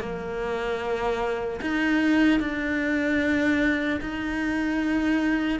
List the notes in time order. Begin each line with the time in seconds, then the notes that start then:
0.00 A#3
1.61 D#4
2.40 D4
4.01 D#4